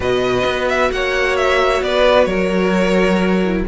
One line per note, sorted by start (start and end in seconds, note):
0.00 0.43 B2
0.00 3.41 F#4
0.00 0.91 B4
0.00 0.68 D#5
0.45 0.90 B3
0.68 0.91 E5
0.92 1.81 A#3
0.92 1.84 C#5
0.92 1.36 F#5
1.36 1.82 E5
1.81 2.26 B3
1.81 2.28 B4
1.81 2.25 D5
2.25 3.63 F#3
2.25 3.65 A#4
2.25 3.62 C#5
3.44 3.67 E4